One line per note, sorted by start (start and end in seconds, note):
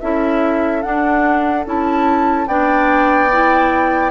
0.00 0.84 C#4
0.00 0.83 E4
0.00 2.48 A4
0.00 0.82 E5
0.82 1.65 D4
0.82 1.66 D4
0.82 1.64 F#5
1.65 2.47 C#4
1.65 2.47 E4
1.65 2.47 A5
2.47 4.10 B3
2.47 3.30 D4
2.47 4.10 D5
2.47 4.10 G5
3.32 4.10 E4